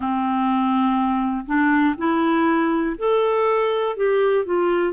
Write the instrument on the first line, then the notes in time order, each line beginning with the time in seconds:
clarinet
0.00 C4
1.45 D4
1.97 E4
2.98 A4
3.96 G4
4.45 F4